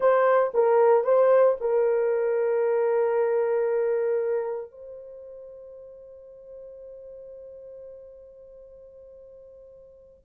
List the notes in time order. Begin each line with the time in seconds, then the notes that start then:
0.00 C5
0.54 A#4
1.04 C5
1.60 A#4
4.71 C5